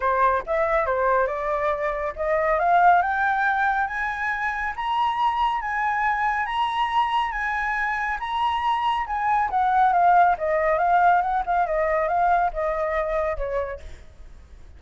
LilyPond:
\new Staff \with { instrumentName = "flute" } { \time 4/4 \tempo 4 = 139 c''4 e''4 c''4 d''4~ | d''4 dis''4 f''4 g''4~ | g''4 gis''2 ais''4~ | ais''4 gis''2 ais''4~ |
ais''4 gis''2 ais''4~ | ais''4 gis''4 fis''4 f''4 | dis''4 f''4 fis''8 f''8 dis''4 | f''4 dis''2 cis''4 | }